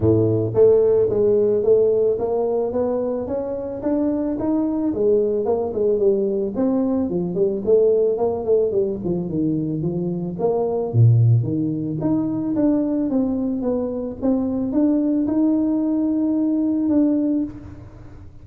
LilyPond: \new Staff \with { instrumentName = "tuba" } { \time 4/4 \tempo 4 = 110 a,4 a4 gis4 a4 | ais4 b4 cis'4 d'4 | dis'4 gis4 ais8 gis8 g4 | c'4 f8 g8 a4 ais8 a8 |
g8 f8 dis4 f4 ais4 | ais,4 dis4 dis'4 d'4 | c'4 b4 c'4 d'4 | dis'2. d'4 | }